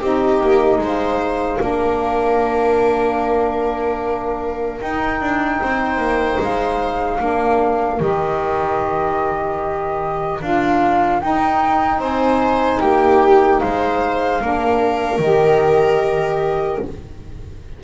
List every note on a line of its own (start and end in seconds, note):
0.00 0.40 C4
0.00 1.58 D#4
0.00 0.80 G4
0.00 0.82 D#5
0.40 0.78 A#3
0.78 1.58 G#3
0.78 1.62 C5
0.78 4.81 F5
1.58 4.80 A#3
1.58 4.78 D4
1.58 5.62 A#4
4.81 5.21 D#4
4.81 7.19 D#4
4.81 6.41 G5
5.21 5.61 D4
5.62 5.97 C4
5.62 7.20 C5
5.97 6.37 A#3
6.39 7.19 G#3
6.39 8.01 F5
7.19 8.00 A#3
7.19 7.99 D4
7.19 12.00 A#4
7.99 10.40 D#3
7.99 10.39 G4
7.99 10.41 D#5
10.41 11.21 D4
10.41 11.20 F4
10.41 11.20 F5
11.20 14.40 D#4
11.20 11.99 D#4
11.20 12.00 G5
11.99 12.79 C4
11.99 12.80 C5
11.99 12.80 G#5
12.80 13.61 A#3
12.80 13.61 G4
12.80 13.60 G5
13.60 14.41 G#3
13.60 14.41 C5
13.60 15.20 F5
14.41 15.18 A#3
14.41 15.21 D4
14.41 16.83 A#4
15.18 16.78 D#3
15.18 16.82 G4
15.18 16.80 D#5